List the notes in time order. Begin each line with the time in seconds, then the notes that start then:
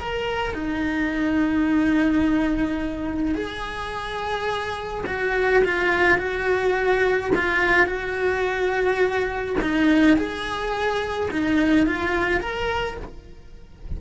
0.00 A#4
0.54 D#4
3.35 G#4
5.07 F#4
5.64 F4
6.18 F#4
7.35 F4
7.86 F#4
9.62 D#4
10.17 G#4
11.31 D#4
11.86 F4
12.41 A#4